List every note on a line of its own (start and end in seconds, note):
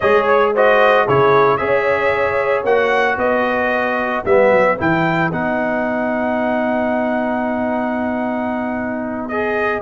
0.00 1.07 G#3
0.00 0.55 G#4
0.00 0.52 C#5
0.00 0.27 D#5
0.27 0.53 C#5
0.54 1.08 F#4
0.54 1.05 C5
0.54 1.08 D#5
1.05 1.60 C#3
1.05 1.58 E4
1.05 1.58 G#4
1.05 1.57 C#5
1.57 2.64 C#4
1.57 2.64 G#4
1.57 3.18 C#5
1.57 2.63 E5
2.64 3.17 A#3
2.64 4.25 F#4
2.64 3.18 F#5
3.17 4.23 B3
3.17 9.81 B4
3.17 4.24 D#5
4.25 4.51 G3
4.25 4.77 B3
4.25 4.78 E5
4.51 4.78 F#3
4.77 5.32 E3
4.77 5.30 E4
4.77 5.32 G5
5.32 9.81 B3
5.32 9.30 D#4
5.32 9.28 F#5
9.28 9.81 G#4
9.28 9.81 D#5